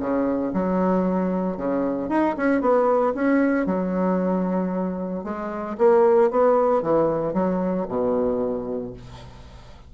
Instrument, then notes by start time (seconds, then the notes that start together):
bassoon
0.00 C#3
0.54 F#3
1.57 C#3
2.09 D#4
2.37 C#4
2.61 B3
3.15 C#4
3.66 F#3
5.24 G#3
5.78 A#3
6.31 B3
6.82 E3
7.33 F#3
7.89 B2